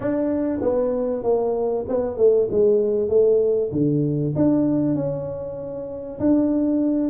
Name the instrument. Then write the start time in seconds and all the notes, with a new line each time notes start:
tuba
0.00 D4
0.61 B3
1.23 A#3
1.88 B3
2.17 A3
2.50 G#3
3.08 A3
3.72 D3
4.35 D4
4.95 C#4
6.19 D4